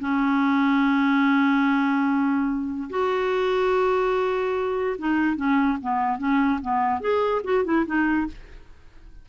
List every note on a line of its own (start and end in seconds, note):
0.00 2.90 C#4
2.90 4.97 F#4
4.98 5.36 D#4
5.36 5.78 C#4
5.82 6.18 B3
6.18 6.60 C#4
6.62 7.00 B3
7.00 7.42 G#4
7.44 7.65 F#4
7.65 7.85 E4
7.86 8.27 D#4